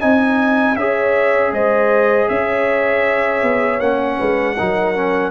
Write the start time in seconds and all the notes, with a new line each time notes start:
0.00 C4 D#4 D#5 G#5
0.76 C#4 G#4 C#5 E5
1.52 G#3 C5 D#5
2.28 C#4 C#5 E5
3.42 B3
3.80 A#3 C#4 F#5
4.18 G#3 B4
4.58 F#3 D#4 A#4
4.95 C#4